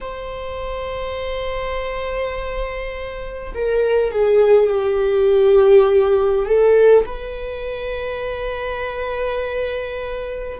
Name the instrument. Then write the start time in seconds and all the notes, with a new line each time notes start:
viola
0.00 C5
3.54 A#4
4.11 G#4
4.70 G4
6.45 A4
7.05 B4